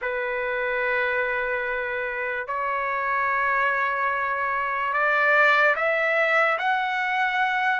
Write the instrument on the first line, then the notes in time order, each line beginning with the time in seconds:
trumpet
0.01 B4
2.47 C#5
4.93 D5
5.75 E5
6.58 F#5